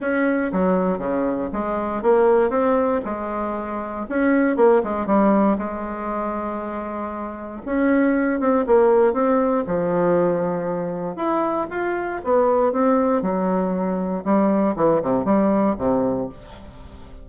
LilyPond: \new Staff \with { instrumentName = "bassoon" } { \time 4/4 \tempo 4 = 118 cis'4 fis4 cis4 gis4 | ais4 c'4 gis2 | cis'4 ais8 gis8 g4 gis4~ | gis2. cis'4~ |
cis'8 c'8 ais4 c'4 f4~ | f2 e'4 f'4 | b4 c'4 fis2 | g4 e8 c8 g4 c4 | }